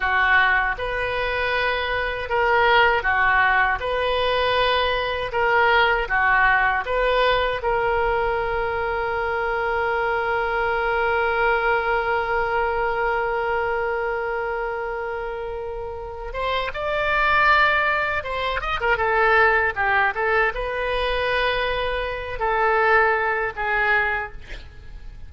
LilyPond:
\new Staff \with { instrumentName = "oboe" } { \time 4/4 \tempo 4 = 79 fis'4 b'2 ais'4 | fis'4 b'2 ais'4 | fis'4 b'4 ais'2~ | ais'1~ |
ais'1~ | ais'4. c''8 d''2 | c''8 dis''16 ais'16 a'4 g'8 a'8 b'4~ | b'4. a'4. gis'4 | }